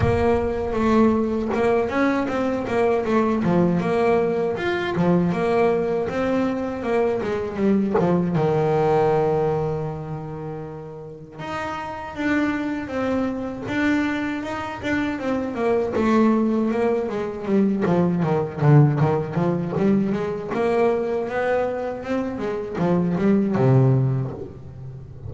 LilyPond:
\new Staff \with { instrumentName = "double bass" } { \time 4/4 \tempo 4 = 79 ais4 a4 ais8 cis'8 c'8 ais8 | a8 f8 ais4 f'8 f8 ais4 | c'4 ais8 gis8 g8 f8 dis4~ | dis2. dis'4 |
d'4 c'4 d'4 dis'8 d'8 | c'8 ais8 a4 ais8 gis8 g8 f8 | dis8 d8 dis8 f8 g8 gis8 ais4 | b4 c'8 gis8 f8 g8 c4 | }